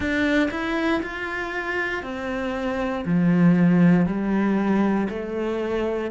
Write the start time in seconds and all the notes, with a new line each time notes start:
0.00 D4
0.50 E4
1.02 F4
2.02 C4
3.05 F3
4.06 G3
5.08 A3